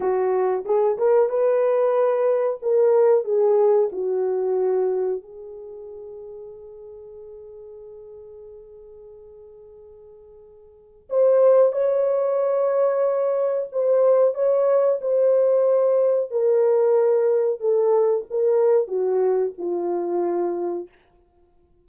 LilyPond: \new Staff \with { instrumentName = "horn" } { \time 4/4 \tempo 4 = 92 fis'4 gis'8 ais'8 b'2 | ais'4 gis'4 fis'2 | gis'1~ | gis'1~ |
gis'4 c''4 cis''2~ | cis''4 c''4 cis''4 c''4~ | c''4 ais'2 a'4 | ais'4 fis'4 f'2 | }